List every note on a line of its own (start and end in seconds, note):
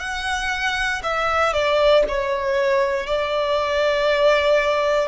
0.00 1.02 F#5
1.03 1.53 E5
1.53 2.04 D5
2.08 3.07 C#5
3.07 5.08 D5